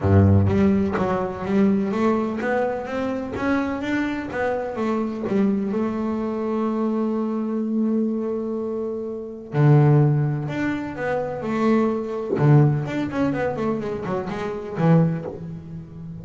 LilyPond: \new Staff \with { instrumentName = "double bass" } { \time 4/4 \tempo 4 = 126 g,4 g4 fis4 g4 | a4 b4 c'4 cis'4 | d'4 b4 a4 g4 | a1~ |
a1 | d2 d'4 b4 | a2 d4 d'8 cis'8 | b8 a8 gis8 fis8 gis4 e4 | }